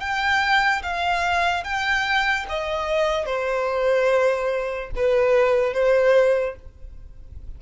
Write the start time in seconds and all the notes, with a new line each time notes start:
0.00 G5
0.83 F5
1.64 G5
2.49 D#5
3.26 C5
4.96 B4
5.73 C5